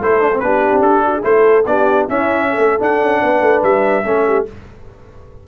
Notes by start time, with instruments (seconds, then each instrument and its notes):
0.00 tuba A3, trombone E4, horn A4, trumpet C5
0.21 trombone D4
0.32 trombone C4
0.39 tuba B3, trombone D4, horn G4, trumpet B4
0.71 tuba C4
0.80 tuba D4, trumpet A4
1.05 horn F#4
1.15 horn G#4
1.21 tuba A3, trombone E4, horn A4, trumpet C5
1.65 tuba B3, trombone D4, horn G4, trumpet D5
2.07 trombone C#4, tuba C#4, horn E4, trumpet E5
2.50 horn A4
2.58 tuba A3
2.79 trombone D4, tuba D4, trumpet F#5
3.01 tuba C#4
3.21 tuba B3, horn B4
3.41 tuba A3
3.63 tuba G3, trumpet E5
4.04 tuba A3, trombone C#4, horn A4
4.26 horn G4